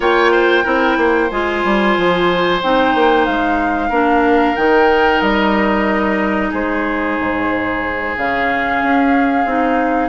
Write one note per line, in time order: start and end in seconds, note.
0.00 0.64 A#3
0.00 0.64 F4
0.00 0.32 C#5
0.00 1.30 G5
0.32 0.64 C5
0.64 0.97 C4
0.64 1.29 E4
0.64 0.96 A#4
0.97 1.29 A#3
0.97 3.89 C5
1.30 1.64 G#3
1.30 2.61 F4
1.30 2.60 G#5
1.64 1.97 G3
1.97 2.62 F3
2.62 2.94 C4
2.62 3.91 D#4
2.62 3.25 G5
2.94 3.27 A#3
3.25 3.90 G#3
3.25 4.55 F5
3.89 4.55 A#3
3.89 4.56 D4
3.89 6.50 A#4
4.55 5.21 D#3
4.55 8.15 D#4
4.55 5.21 G5
5.21 6.51 G3
5.21 6.51 D#5
6.50 7.18 G#3
6.50 10.08 G#4
6.50 8.16 C5
7.19 8.17 G#2
8.16 8.82 C#3
8.16 9.46 C#4
8.16 10.08 F5
8.83 9.45 C#4
9.45 10.08 C4
9.45 10.08 D#4